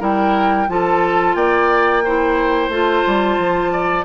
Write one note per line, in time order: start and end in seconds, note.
0.00 0.68 G3
0.00 0.67 E4
0.00 0.67 A#4
0.00 0.70 G5
0.68 1.35 F3
0.68 2.03 F4
0.68 1.36 A4
0.68 1.35 A5
1.35 2.69 A#3
1.35 2.04 D5
1.35 2.70 G5
2.04 2.71 E4
2.04 3.72 C5
2.69 3.03 A3
2.69 4.04 F4
2.69 4.04 A5
3.07 3.38 G3
3.38 4.04 F3
3.72 4.04 D5